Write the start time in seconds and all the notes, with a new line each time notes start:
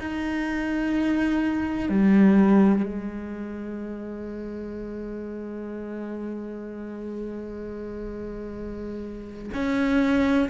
0.00 D#4
1.89 G3
2.83 G#3
9.54 C#4